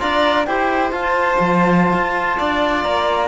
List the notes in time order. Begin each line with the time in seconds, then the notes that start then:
0.00 D4 F4 D5 A#5
0.46 E4 G4 C5 G5
0.92 F4 A5
1.40 F3
1.93 F4
2.39 D4 D5
2.83 A#3 A#5